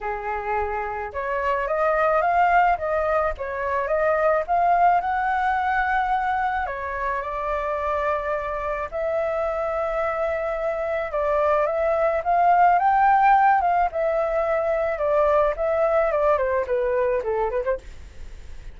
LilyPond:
\new Staff \with { instrumentName = "flute" } { \time 4/4 \tempo 4 = 108 gis'2 cis''4 dis''4 | f''4 dis''4 cis''4 dis''4 | f''4 fis''2. | cis''4 d''2. |
e''1 | d''4 e''4 f''4 g''4~ | g''8 f''8 e''2 d''4 | e''4 d''8 c''8 b'4 a'8 b'16 c''16 | }